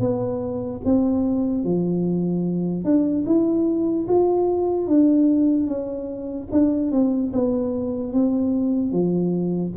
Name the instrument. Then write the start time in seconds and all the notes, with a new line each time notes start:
tuba
0.00 B3
0.85 C4
1.64 F3
2.85 D4
3.26 E4
4.08 F4
4.88 D4
5.67 C#4
6.52 D4
6.92 C4
7.33 B3
8.13 C4
8.92 F3